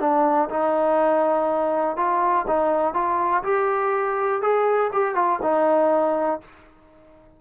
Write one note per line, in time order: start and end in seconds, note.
0.00 0.49 D4
0.49 1.97 D#4
1.97 2.46 F4
2.48 2.94 D#4
2.94 3.43 F4
3.44 4.42 G4
4.42 4.91 G#4
4.93 5.15 G4
5.15 5.40 F4
5.42 6.41 D#4